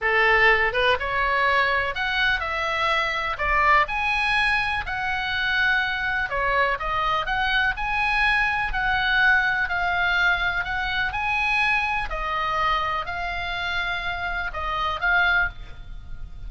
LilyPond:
\new Staff \with { instrumentName = "oboe" } { \time 4/4 \tempo 4 = 124 a'4. b'8 cis''2 | fis''4 e''2 d''4 | gis''2 fis''2~ | fis''4 cis''4 dis''4 fis''4 |
gis''2 fis''2 | f''2 fis''4 gis''4~ | gis''4 dis''2 f''4~ | f''2 dis''4 f''4 | }